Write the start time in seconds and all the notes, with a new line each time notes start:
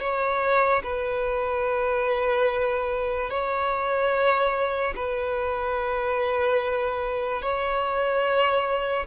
0.00 C#5
0.83 B4
3.30 C#5
4.95 B4
7.42 C#5